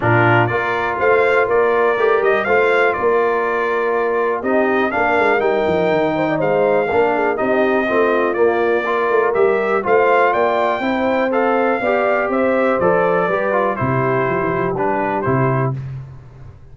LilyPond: <<
  \new Staff \with { instrumentName = "trumpet" } { \time 4/4 \tempo 4 = 122 ais'4 d''4 f''4 d''4~ | d''8 dis''8 f''4 d''2~ | d''4 dis''4 f''4 g''4~ | g''4 f''2 dis''4~ |
dis''4 d''2 e''4 | f''4 g''2 f''4~ | f''4 e''4 d''2 | c''2 b'4 c''4 | }
  \new Staff \with { instrumentName = "horn" } { \time 4/4 f'4 ais'4 c''4 ais'4~ | ais'4 c''4 ais'2~ | ais'4 g'4 ais'2~ | ais'8 c''16 d''16 c''4 ais'8 gis'8 g'4 |
f'2 ais'2 | c''4 d''4 c''2 | d''4 c''2 b'4 | g'1 | }
  \new Staff \with { instrumentName = "trombone" } { \time 4/4 d'4 f'2. | g'4 f'2.~ | f'4 dis'4 d'4 dis'4~ | dis'2 d'4 dis'4 |
c'4 ais4 f'4 g'4 | f'2 e'4 a'4 | g'2 a'4 g'8 f'8 | e'2 d'4 e'4 | }
  \new Staff \with { instrumentName = "tuba" } { \time 4/4 ais,4 ais4 a4 ais4 | a8 g8 a4 ais2~ | ais4 c'4 ais8 gis8 g8 f8 | dis4 gis4 ais4 c'4 |
a4 ais4. a8 g4 | a4 ais4 c'2 | b4 c'4 f4 g4 | c4 f16 e16 f8 g4 c4 | }
>>